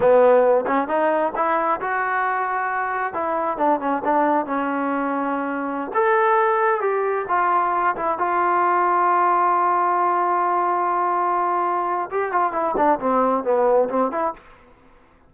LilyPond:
\new Staff \with { instrumentName = "trombone" } { \time 4/4 \tempo 4 = 134 b4. cis'8 dis'4 e'4 | fis'2. e'4 | d'8 cis'8 d'4 cis'2~ | cis'4~ cis'16 a'2 g'8.~ |
g'16 f'4. e'8 f'4.~ f'16~ | f'1~ | f'2. g'8 f'8 | e'8 d'8 c'4 b4 c'8 e'8 | }